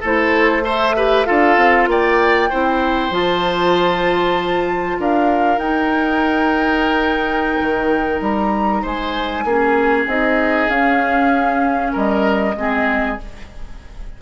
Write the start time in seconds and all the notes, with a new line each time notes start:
0.00 A3 E4 A4 C5
0.62 A4 C5
0.68 E5
0.96 G4 B4
1.25 D4 F4 A4 F5
1.57 C4
1.87 A#3 D5 G5
2.50 C4 E4 C5
3.11 F3 F4 A5
4.99 D4 A#4 F5
5.57 D#4 G5
7.61 D#3
8.21 G3 A#5
8.82 G#3 C5 G#5
9.44 A#3 C#4 G#4
10.06 C4 D#4 D#5
10.69 C#4 F5
11.92 G3 A#4 D#5
12.55 G#3 C4 G#4